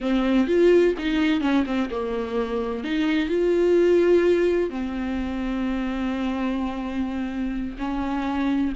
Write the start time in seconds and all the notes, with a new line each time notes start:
0.01 C4
0.47 F4
0.98 D#4
1.40 C#4
1.66 C4
1.90 A#3
2.83 D#4
3.28 F4
4.70 C4
7.78 C#4